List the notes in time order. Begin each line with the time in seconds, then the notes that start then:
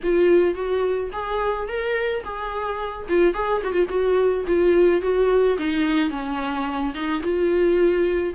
0.03 F4
0.54 F#4
1.12 G#4
1.68 A#4
2.24 G#4
3.08 F4
3.34 G#4
3.63 F#4
3.72 F4
3.89 F#4
4.47 F4
5.01 F#4
5.58 D#4
6.10 C#4
6.94 D#4
7.22 F4